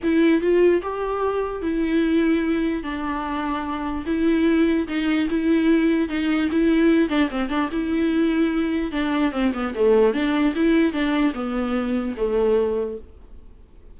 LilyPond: \new Staff \with { instrumentName = "viola" } { \time 4/4 \tempo 4 = 148 e'4 f'4 g'2 | e'2. d'4~ | d'2 e'2 | dis'4 e'2 dis'4 |
e'4. d'8 c'8 d'8 e'4~ | e'2 d'4 c'8 b8 | a4 d'4 e'4 d'4 | b2 a2 | }